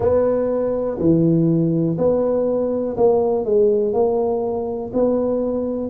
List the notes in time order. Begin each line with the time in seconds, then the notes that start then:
0.00 B3
0.98 E3
1.98 B3
2.96 A#3
3.44 G#3
3.93 A#3
4.93 B3